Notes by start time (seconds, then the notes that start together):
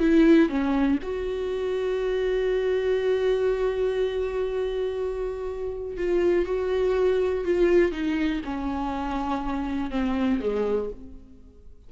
0.00 E4
0.50 C#4
1.03 F#4
5.98 F4
6.46 F#4
7.45 F4
7.92 D#4
8.45 C#4
9.91 C4
10.41 G#3